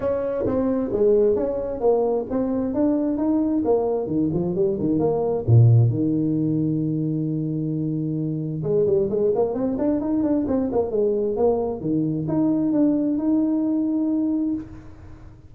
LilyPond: \new Staff \with { instrumentName = "tuba" } { \time 4/4 \tempo 4 = 132 cis'4 c'4 gis4 cis'4 | ais4 c'4 d'4 dis'4 | ais4 dis8 f8 g8 dis8 ais4 | ais,4 dis2.~ |
dis2. gis8 g8 | gis8 ais8 c'8 d'8 dis'8 d'8 c'8 ais8 | gis4 ais4 dis4 dis'4 | d'4 dis'2. | }